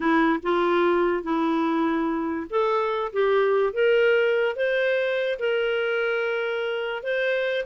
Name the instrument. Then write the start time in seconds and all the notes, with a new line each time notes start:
clarinet
0.00 E4
0.43 F4
1.23 E4
2.50 A4
3.12 G4
3.73 A#4
4.56 C5
5.39 A#4
7.03 C5